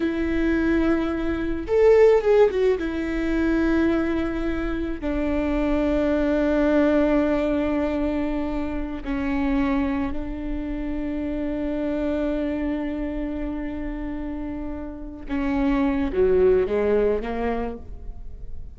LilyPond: \new Staff \with { instrumentName = "viola" } { \time 4/4 \tempo 4 = 108 e'2. a'4 | gis'8 fis'8 e'2.~ | e'4 d'2.~ | d'1~ |
d'16 cis'2 d'4.~ d'16~ | d'1~ | d'2.~ d'8 cis'8~ | cis'4 fis4 gis4 ais4 | }